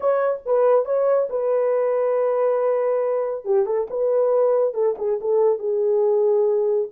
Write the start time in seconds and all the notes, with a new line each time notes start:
0.00 C#5
0.45 B4
0.85 C#5
1.29 B4
3.45 G4
3.66 A4
3.90 B4
4.73 A4
4.98 G#4
5.20 A4
5.58 G#4